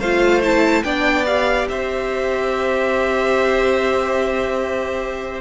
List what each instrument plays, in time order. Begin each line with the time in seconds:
0.00 cello A3, viola F4, violin C5 F5
0.43 viola E4, violin A5
0.84 cello B3, viola D4, violin D5 G5
1.26 viola G4, violin F5
1.69 cello C4, violin C5 E5